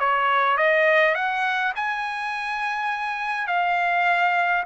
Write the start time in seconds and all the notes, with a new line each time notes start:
0.00 C#5
0.58 D#5
1.15 F#5
1.76 G#5
3.48 F5